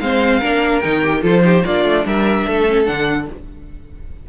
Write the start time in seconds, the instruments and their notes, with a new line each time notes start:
0.00 cello G#3, viola C4, violin C5 F5
0.40 cello A#3, viola D4, violin A#4
0.81 cello D#3, viola D#4, violin G5
1.03 viola G4
1.22 cello F3, viola F4, violin A4 C5
1.42 viola D#4, violin G4
1.65 cello A#3, viola D4, violin F4 D5
1.85 cello A3
2.05 cello G3, violin A#4 E5
2.47 cello A3, violin A4
2.68 viola C#4
2.85 cello D3, viola D4, violin F#5